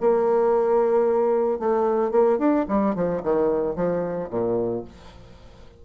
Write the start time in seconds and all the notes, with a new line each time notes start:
0.00 A#3
1.59 A3
2.11 A#3
2.38 D4
2.68 G3
2.95 F3
3.23 D#3
3.75 F3
4.30 A#2